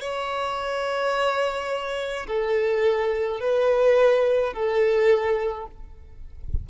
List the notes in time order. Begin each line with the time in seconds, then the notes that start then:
0.00 C#5
2.27 A4
3.40 B4
4.53 A4